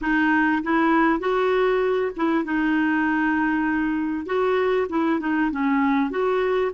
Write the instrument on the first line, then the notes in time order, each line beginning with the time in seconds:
clarinet
0.01 D#4
0.63 E4
1.19 F#4
2.16 E4
2.44 D#4
4.26 F#4
4.89 E4
5.20 D#4
5.51 C#4
6.10 F#4